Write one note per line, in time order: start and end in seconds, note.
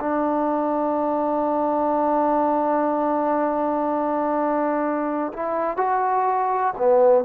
0.00 5.32 D4
5.33 5.77 E4
5.77 6.73 F#4
6.77 7.24 B3